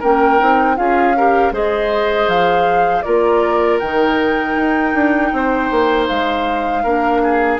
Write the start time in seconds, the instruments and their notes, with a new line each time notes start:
0.00 bassoon A#3, clarinet C#4, oboe A#4, flute G5
0.39 bassoon C4, clarinet D#4
0.77 bassoon C#4, clarinet F4, oboe G#4, flute F5
1.17 clarinet G4, oboe A#4
1.52 bassoon G#3, clarinet G#4, oboe C5, flute D#5
2.28 bassoon F3, flute F5
3.03 bassoon A#3, clarinet F4, oboe A#4, flute D5
3.79 bassoon D#3, clarinet D#4, flute G5
4.56 bassoon D#4
4.94 bassoon D4
5.33 bassoon C4, oboe C5
5.71 bassoon A#3
6.08 bassoon G#3, flute F5
6.84 bassoon A#3, clarinet D4, oboe A#4
7.24 oboe G#4